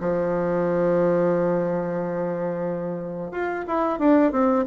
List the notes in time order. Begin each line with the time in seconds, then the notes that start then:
0.00 F3
3.31 F4
3.67 E4
3.99 D4
4.32 C4